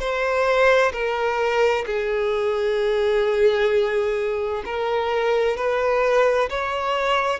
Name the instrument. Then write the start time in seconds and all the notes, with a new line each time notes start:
violin
0.00 C5
0.93 A#4
1.86 G#4
4.65 A#4
5.57 B4
6.50 C#5